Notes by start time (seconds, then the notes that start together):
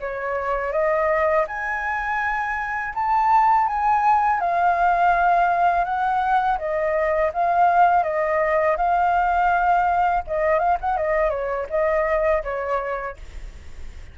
0.00 C#5
0.72 D#5
1.47 G#5
2.95 A5
3.67 G#5
4.40 F5
5.85 F#5
6.58 D#5
7.33 F5
8.03 D#5
8.77 F5
10.27 D#5
10.59 F5
10.80 F#5
10.97 D#5
11.30 C#5
11.70 D#5
12.43 C#5